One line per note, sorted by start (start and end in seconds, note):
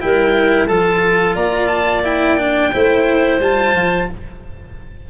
0.00 0.68 G3
0.00 0.68 E4
0.00 0.67 A#4
0.00 0.67 G5
0.67 1.35 F3
0.67 2.04 F4
0.67 1.35 A4
0.67 1.35 A5
1.35 2.72 A#3
1.35 2.71 D5
1.35 1.67 A#5
1.67 2.01 A5
2.04 2.38 E4
2.04 3.41 G5
2.38 2.72 D4
2.72 3.39 A3
2.72 3.40 E4
2.72 4.09 C5
3.39 3.74 G3
3.39 4.10 F4
3.39 4.10 A5
3.74 4.08 F3